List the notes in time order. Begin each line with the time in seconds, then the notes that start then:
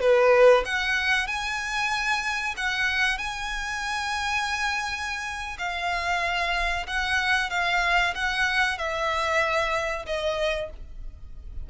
0.00 B4
0.65 F#5
1.27 G#5
2.56 F#5
3.17 G#5
5.58 F5
6.86 F#5
7.50 F5
8.14 F#5
8.77 E5
10.06 D#5